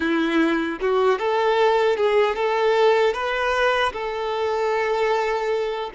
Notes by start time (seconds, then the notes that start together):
0.00 E4
0.81 F#4
1.18 A4
1.96 G#4
2.35 A4
3.13 B4
3.93 A4